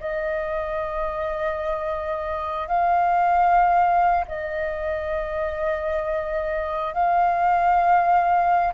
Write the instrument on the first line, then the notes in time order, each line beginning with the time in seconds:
flute
0.00 D#5
2.68 F5
4.28 D#5
6.94 F5